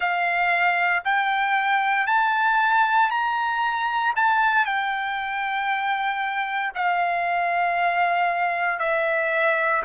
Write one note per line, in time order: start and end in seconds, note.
0.00 1.03 F5
1.04 2.06 G5
2.06 3.10 A5
3.10 4.13 A#5
4.16 4.65 A5
4.65 6.72 G5
6.74 8.79 F5
8.79 9.82 E5